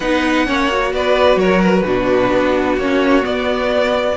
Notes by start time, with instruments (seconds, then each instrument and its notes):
0.00 cello B3, viola D#4, violin B4 F#5
0.46 cello A#3, viola C#4, violin C#5
0.69 viola F#4
0.93 cello B3, violin B4 D5
1.36 cello F#3, violin A#4 C#5
1.63 violin B4
1.83 cello B2, viola D4, violin F#4
2.31 cello B3
2.77 cello A#3, viola C#4, violin C#5
3.21 viola B3, cello B3, violin D5